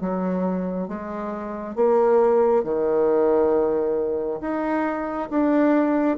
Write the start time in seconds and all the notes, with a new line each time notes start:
0.00 F#3
0.87 G#3
1.75 A#3
2.63 D#3
4.40 D#4
5.30 D4